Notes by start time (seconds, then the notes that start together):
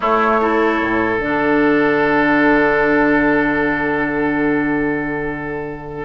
0.00 A3 E4 C#5
0.40 E4 A4
0.80 A2
1.19 D3 D4 F#5